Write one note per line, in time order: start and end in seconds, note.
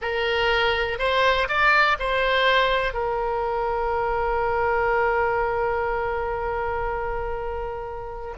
0.01 0.98 A#4
0.98 1.48 C5
1.48 1.97 D5
1.99 2.93 C5
2.93 8.34 A#4